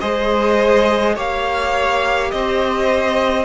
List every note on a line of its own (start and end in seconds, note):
0.00 1.17 G#3
0.00 1.16 G#4
0.00 1.15 C5
0.00 1.15 D#5
1.15 2.33 A#3
1.15 3.45 G4
1.15 2.31 C#5
1.15 2.31 F5
2.31 3.45 C4
2.31 3.45 C5
2.31 3.45 D#5